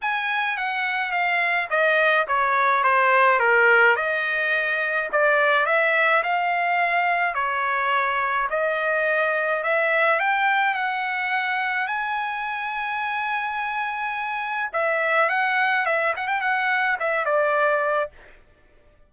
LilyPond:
\new Staff \with { instrumentName = "trumpet" } { \time 4/4 \tempo 4 = 106 gis''4 fis''4 f''4 dis''4 | cis''4 c''4 ais'4 dis''4~ | dis''4 d''4 e''4 f''4~ | f''4 cis''2 dis''4~ |
dis''4 e''4 g''4 fis''4~ | fis''4 gis''2.~ | gis''2 e''4 fis''4 | e''8 fis''16 g''16 fis''4 e''8 d''4. | }